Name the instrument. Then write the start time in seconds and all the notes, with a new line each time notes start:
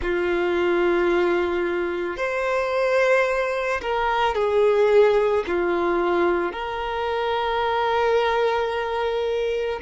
violin
0.01 F4
2.17 C5
3.81 A#4
4.34 G#4
5.47 F4
6.52 A#4